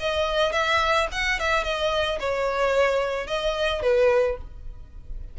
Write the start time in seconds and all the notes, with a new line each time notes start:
0.00 D#5
0.52 E5
1.12 F#5
1.39 E5
1.64 D#5
2.20 C#5
3.27 D#5
3.82 B4